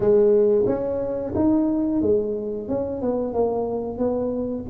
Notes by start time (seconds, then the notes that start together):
0.00 G#3
0.66 C#4
1.35 D#4
2.02 G#3
2.68 C#4
3.01 B3
3.33 A#3
3.98 B3